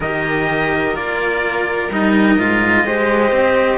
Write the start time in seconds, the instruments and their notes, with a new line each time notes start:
0.00 cello D#3 G4, violin A#4, trumpet D#5
0.93 cello A#3 F4, trumpet D5
1.90 cello G3 D#4, trumpet D#5
2.38 cello G#2 F4
2.84 cello G#3 G4, violin C5
3.31 cello C4